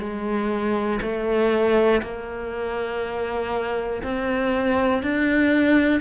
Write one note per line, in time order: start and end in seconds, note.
0.00 1.00 G#3
1.02 2.02 A3
2.03 4.03 A#3
4.03 5.03 C4
5.03 6.01 D4